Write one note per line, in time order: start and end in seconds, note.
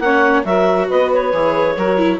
0.00 0.44 A#3
0.00 0.44 C#4
0.00 0.46 C#5
0.00 0.44 F#5
0.44 0.89 F#3
0.44 1.32 F#4
0.44 0.88 A#4
0.44 0.89 E5
0.88 1.33 B3
0.88 1.75 B4
0.88 1.12 D#5
1.13 2.20 C#5
1.33 1.77 E3
1.33 1.77 G#4
1.75 2.20 F#3
1.75 1.98 F#4
1.75 2.19 A#4
1.98 2.20 E4